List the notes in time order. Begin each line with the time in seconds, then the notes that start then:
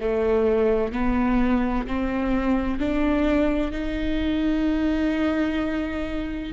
0.00 A3
0.92 B3
1.87 C4
2.79 D4
3.72 D#4